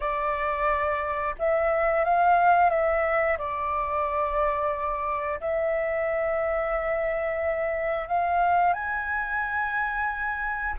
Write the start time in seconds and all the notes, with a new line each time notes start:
0.00 D5
1.38 E5
2.04 F5
2.70 E5
3.37 D5
5.40 E5
8.07 F5
8.73 G#5